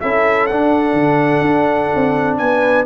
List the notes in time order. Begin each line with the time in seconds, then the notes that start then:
0.00 C#4 E4 A4 E5
0.46 D4 F#5
0.93 D3
1.41 D4
1.95 C4
2.37 B3 B4 G#5